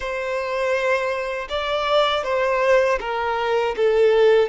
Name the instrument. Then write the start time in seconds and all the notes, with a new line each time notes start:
violin
0.00 C5
1.49 D5
2.23 C5
3.00 A#4
3.76 A4